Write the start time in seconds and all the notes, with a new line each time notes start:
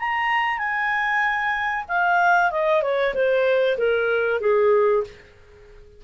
0.00 A#5
0.59 G#5
1.89 F5
2.52 D#5
2.82 C#5
3.15 C5
3.78 A#4
4.41 G#4